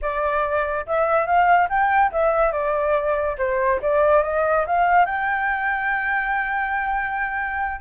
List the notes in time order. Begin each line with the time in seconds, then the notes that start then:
0.01 D5
0.86 E5
1.26 F5
1.69 G5
2.11 E5
2.52 D5
3.38 C5
3.81 D5
4.23 D#5
4.66 F5
5.05 G5